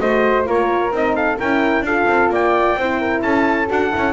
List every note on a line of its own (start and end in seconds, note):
0.00 0.46 A3
0.00 0.45 F#4
0.00 0.47 C5
0.00 0.46 D#5
0.45 0.91 A#3
0.45 0.91 F4
0.45 1.15 A#4
0.45 0.94 C#5
0.91 1.37 C4
0.91 1.39 D#4
0.91 1.16 D#5
1.15 1.37 A4
1.15 1.39 F5
1.37 1.82 C#4
1.37 1.86 E4
1.37 1.83 A#4
1.37 1.85 G5
1.82 2.05 D4
1.82 2.79 F4
1.82 2.32 A4
1.82 2.32 F5
2.07 2.29 C4
2.29 2.75 A#3
2.29 2.78 D5
2.29 3.22 G5
2.76 3.22 C4
2.76 3.68 E4
2.76 3.00 C5
3.00 3.23 A#4
3.22 3.69 C#4
3.22 4.13 A4
3.22 3.68 A5
3.68 3.93 D4
3.68 3.91 F#4
3.68 4.13 F#5
3.91 4.13 C#4
3.91 4.13 E4